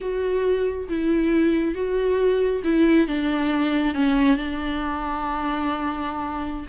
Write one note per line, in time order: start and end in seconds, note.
0.00 0.88 F#4
0.89 1.74 E4
1.74 2.62 F#4
2.64 3.07 E4
3.07 3.94 D4
3.94 4.36 C#4
4.36 6.66 D4